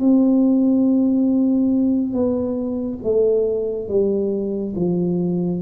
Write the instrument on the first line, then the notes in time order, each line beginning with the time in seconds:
tuba
0.00 C4
2.14 B3
3.04 A3
3.88 G3
4.76 F3